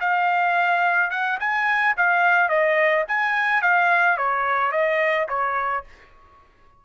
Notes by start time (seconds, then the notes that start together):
0.00 F5
1.11 F#5
1.40 G#5
1.97 F5
2.49 D#5
3.08 G#5
3.62 F5
4.17 C#5
4.72 D#5
5.29 C#5